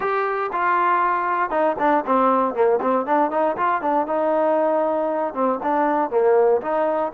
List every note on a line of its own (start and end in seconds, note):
0.00 0.50 G4
0.52 1.50 F4
1.50 1.75 D#4
1.78 2.04 D4
2.06 2.54 C4
2.54 2.79 A#3
2.81 3.06 C4
3.06 3.31 D4
3.31 3.56 D#4
3.57 3.81 F4
3.81 4.06 D4
4.06 5.33 D#4
5.34 5.59 C4
5.62 6.10 D4
6.10 6.61 A#3
6.61 7.12 D#4